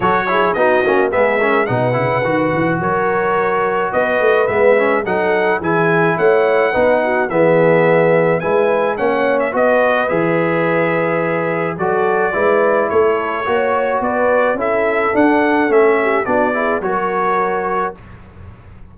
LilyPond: <<
  \new Staff \with { instrumentName = "trumpet" } { \time 4/4 \tempo 4 = 107 cis''4 dis''4 e''4 fis''4~ | fis''4 cis''2 dis''4 | e''4 fis''4 gis''4 fis''4~ | fis''4 e''2 gis''4 |
fis''8. e''16 dis''4 e''2~ | e''4 d''2 cis''4~ | cis''4 d''4 e''4 fis''4 | e''4 d''4 cis''2 | }
  \new Staff \with { instrumentName = "horn" } { \time 4/4 a'8 gis'8 fis'4 gis'8 ais'8 b'4~ | b'4 ais'2 b'4~ | b'4 a'4 gis'4 cis''4 | b'8 fis'8 gis'2 b'4 |
cis''4 b'2.~ | b'4 a'4 b'4 a'4 | cis''4 b'4 a'2~ | a'8 g'8 fis'8 gis'8 ais'2 | }
  \new Staff \with { instrumentName = "trombone" } { \time 4/4 fis'8 e'8 dis'8 cis'8 b8 cis'8 dis'8 e'8 | fis'1 | b8 cis'8 dis'4 e'2 | dis'4 b2 e'4 |
cis'4 fis'4 gis'2~ | gis'4 fis'4 e'2 | fis'2 e'4 d'4 | cis'4 d'8 e'8 fis'2 | }
  \new Staff \with { instrumentName = "tuba" } { \time 4/4 fis4 b8 ais8 gis4 b,8 cis8 | dis8 e8 fis2 b8 a8 | gis4 fis4 e4 a4 | b4 e2 gis4 |
ais4 b4 e2~ | e4 fis4 gis4 a4 | ais4 b4 cis'4 d'4 | a4 b4 fis2 | }
>>